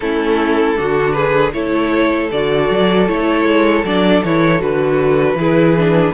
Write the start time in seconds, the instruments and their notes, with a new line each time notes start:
0.00 cello A3, viola C#4, violin E4 A4
0.76 cello D3, viola D4, violin F#4
1.12 violin G#4 B4
1.53 cello A3, viola E4, violin A4 C#5
2.31 cello D3, viola F#4, violin D5
2.70 cello F#3
3.07 cello A3, viola E4, violin C#5
3.45 cello G#3
3.83 cello F#3, viola D4, violin D5
4.23 cello E3, viola E4, violin C#5
4.58 cello D3, viola F#4, violin B4
5.34 cello E3, violin G#4
5.40 viola E4
5.78 viola D4